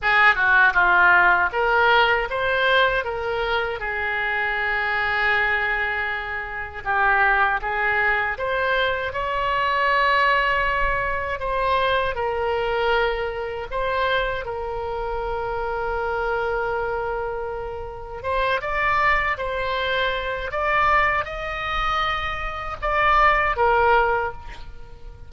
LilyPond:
\new Staff \with { instrumentName = "oboe" } { \time 4/4 \tempo 4 = 79 gis'8 fis'8 f'4 ais'4 c''4 | ais'4 gis'2.~ | gis'4 g'4 gis'4 c''4 | cis''2. c''4 |
ais'2 c''4 ais'4~ | ais'1 | c''8 d''4 c''4. d''4 | dis''2 d''4 ais'4 | }